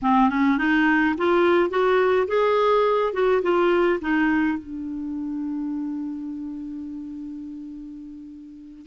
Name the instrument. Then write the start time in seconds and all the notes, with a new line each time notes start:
clarinet
0.02 C4
0.29 C#4
0.58 D#4
1.17 F4
1.70 F#4
2.27 G#4
3.13 F#4
3.42 F4
4.01 D#4
4.58 D4